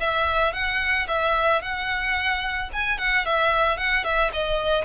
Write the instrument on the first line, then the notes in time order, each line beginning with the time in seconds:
violin
0.00 E5
0.54 F#5
1.08 E5
1.62 F#5
2.73 G#5
2.99 F#5
3.26 E5
3.78 F#5
4.04 E5
4.33 D#5